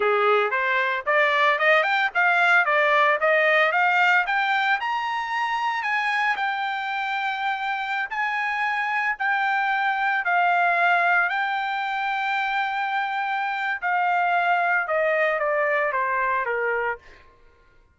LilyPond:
\new Staff \with { instrumentName = "trumpet" } { \time 4/4 \tempo 4 = 113 gis'4 c''4 d''4 dis''8 g''8 | f''4 d''4 dis''4 f''4 | g''4 ais''2 gis''4 | g''2.~ g''16 gis''8.~ |
gis''4~ gis''16 g''2 f''8.~ | f''4~ f''16 g''2~ g''8.~ | g''2 f''2 | dis''4 d''4 c''4 ais'4 | }